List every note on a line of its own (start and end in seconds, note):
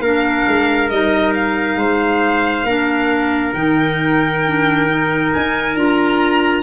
0.00 0.44 A#3
0.00 0.92 D4
0.00 1.78 A#4
0.00 0.89 F5
0.47 0.90 G#3
0.90 1.76 G3
0.90 2.67 D#4
0.90 1.34 D#5
1.35 3.54 F5
1.76 2.64 G#3
1.76 2.66 C5
2.64 3.52 A#3
2.64 3.55 D4
2.64 6.63 A#4
3.54 5.31 D#3
3.54 4.43 D#4
3.54 5.30 G5
4.47 4.90 D4
4.90 5.76 D#4
5.34 5.75 D#4
5.34 5.76 G#5
5.75 6.63 D4
5.75 6.63 F4
5.75 6.63 A#5